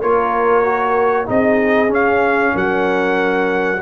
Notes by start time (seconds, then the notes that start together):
0.00 A#3 F4 A#4 C#5
0.64 F#4
1.25 C4 D#4 G#4 D#5
1.88 C#4 F5
2.55 F#3 A#4 F#5